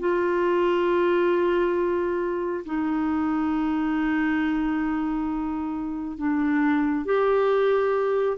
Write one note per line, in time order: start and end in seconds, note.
0.00 2.65 F4
2.66 6.18 D#4
6.18 7.05 D4
7.05 8.38 G4